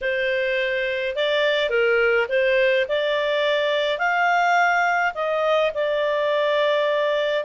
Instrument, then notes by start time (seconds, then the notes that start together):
clarinet
0.01 C5
1.15 D5
1.69 A#4
2.29 C5
2.88 D5
3.98 F5
5.14 D#5
5.74 D5